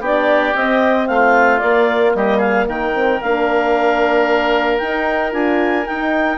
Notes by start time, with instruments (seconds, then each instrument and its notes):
0.00 bassoon B3, horn D4, oboe G4, clarinet D5
0.54 bassoon C4, horn C4, clarinet D#5
1.07 bassoon A3, oboe F4, clarinet F5
1.59 bassoon A#3, horn A#3, clarinet D5
2.14 bassoon G3, oboe G4, clarinet D#5
2.37 oboe G#4, clarinet F5
2.68 bassoon D#3, oboe A#4, clarinet G5
2.94 horn C4
3.21 bassoon A#3, horn D4, clarinet F5
4.78 bassoon D#4, horn D#4, clarinet G5
5.31 bassoon D4, horn F4, clarinet G#5
5.86 horn D#4, bassoon D#4, clarinet G5